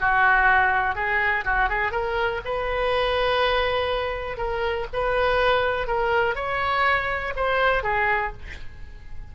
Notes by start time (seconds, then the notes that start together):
0.00 F#4
0.95 G#4
1.44 F#4
1.69 G#4
1.92 A#4
2.45 B4
4.37 A#4
4.93 B4
5.87 A#4
6.35 C#5
7.36 C5
7.83 G#4